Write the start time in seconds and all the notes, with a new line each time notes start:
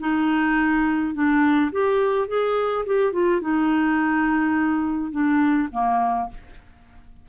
0.00 D#4
1.14 D4
1.72 G4
2.28 G#4
2.86 G4
3.13 F4
3.41 D#4
5.12 D4
5.72 A#3